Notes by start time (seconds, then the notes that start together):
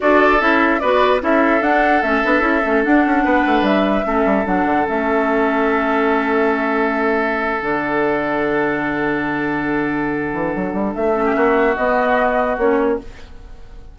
0.00 D4 F#4 A4 D5
0.40 C#4 E4 E5
0.79 B3 F#4 B4 D5
1.20 C#4 E4 A4 E5
1.61 D4 F#5
2.02 A3 C#4 E5
2.23 B3 D4
2.40 C#4 E4
2.65 A3 C#4
2.83 D4 F#5
3.05 C#4
3.24 B3 B4
3.46 A3
3.61 G3 E5
4.04 A3 C#4 A4
4.25 G3
4.45 F#3 D4 F#5
4.65 D3
4.86 A3 C#4 E5
7.60 D3 D4 F#5
10.33 E3
10.55 F#3
10.73 G3
10.94 A3 E5
11.13 C#4
11.24 G4
11.35 A#3 F#4
11.75 B3 D#5
12.57 A#3 C#4 C#5